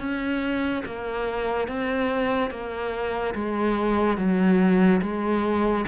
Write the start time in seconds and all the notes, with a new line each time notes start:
0.00 C#4
0.86 A#3
1.68 C4
2.51 A#3
3.35 G#3
4.18 F#3
5.02 G#3